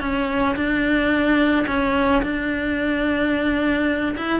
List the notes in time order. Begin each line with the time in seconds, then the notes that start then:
0.00 C#4
0.55 D4
1.67 C#4
2.22 D4
4.17 E4